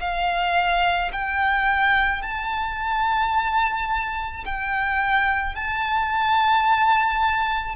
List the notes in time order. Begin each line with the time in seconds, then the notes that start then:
0.00 F5
1.12 G5
2.22 A5
4.45 G5
5.55 A5